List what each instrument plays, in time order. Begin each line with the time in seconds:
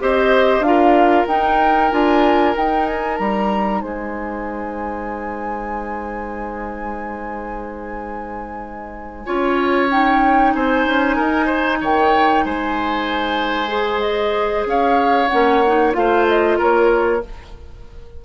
0.00 bassoon C4, clarinet G4, oboe C5, flute D#5
0.60 bassoon D4, clarinet F4, flute F5
0.68 oboe A#4
1.28 bassoon D#4, clarinet D#4, flute G5
1.91 bassoon D4, clarinet F4, flute G#5
2.55 clarinet D#4, bassoon D#4, flute G5
2.86 flute G#5
3.18 bassoon G3, flute A#5
3.81 bassoon G#3, oboe C5, flute G#5
9.26 bassoon C#4, clarinet F4, oboe C#5
9.91 clarinet D#4, flute G5
10.54 bassoon C4, oboe C5, flute G#5
10.86 bassoon C#4
11.17 bassoon D#4, oboe A#4
11.46 oboe C5
11.81 bassoon D#3, oboe C#5, flute G5
12.45 bassoon G#3, oboe C5, flute G#5
13.68 clarinet G#4
14.01 flute D#5
14.66 bassoon C#4, oboe C#5, flute F5
15.29 bassoon A#3, clarinet C#4, flute F#5
15.68 clarinet D#4
15.93 bassoon A3, clarinet F4, oboe C5, flute F5
16.29 flute D#5
16.59 bassoon A#3, oboe A#4, flute C#5